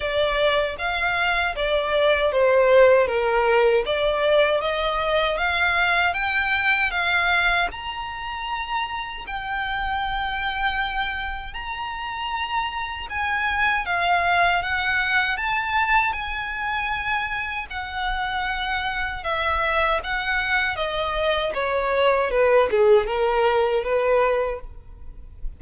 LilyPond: \new Staff \with { instrumentName = "violin" } { \time 4/4 \tempo 4 = 78 d''4 f''4 d''4 c''4 | ais'4 d''4 dis''4 f''4 | g''4 f''4 ais''2 | g''2. ais''4~ |
ais''4 gis''4 f''4 fis''4 | a''4 gis''2 fis''4~ | fis''4 e''4 fis''4 dis''4 | cis''4 b'8 gis'8 ais'4 b'4 | }